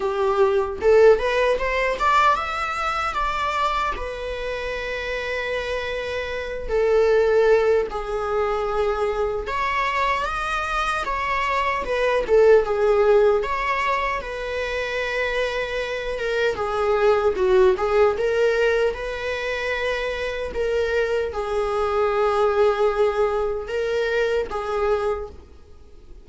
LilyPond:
\new Staff \with { instrumentName = "viola" } { \time 4/4 \tempo 4 = 76 g'4 a'8 b'8 c''8 d''8 e''4 | d''4 b'2.~ | b'8 a'4. gis'2 | cis''4 dis''4 cis''4 b'8 a'8 |
gis'4 cis''4 b'2~ | b'8 ais'8 gis'4 fis'8 gis'8 ais'4 | b'2 ais'4 gis'4~ | gis'2 ais'4 gis'4 | }